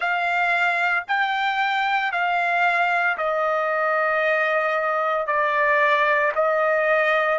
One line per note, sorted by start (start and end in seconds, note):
0.00 1.03 F5
1.07 2.11 G5
2.11 3.17 F5
3.17 5.26 D#5
5.26 6.32 D5
6.35 7.39 D#5